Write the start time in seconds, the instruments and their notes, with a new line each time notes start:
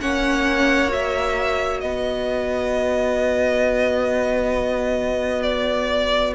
0.00 cello A#3, viola C#4, violin C#5 F#5
0.89 viola F#4, violin E5
1.80 cello B3, violin B4 D#5
5.42 violin D5